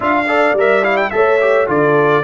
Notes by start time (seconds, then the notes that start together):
0.00 D4 F4 E5 F5
0.27 A4 D5
0.52 G3 A#4
0.59 E5
0.82 E4 F5
0.96 G5
1.10 A3 A4 C#5 E5
1.40 G4
1.67 D3 F4 A4 D5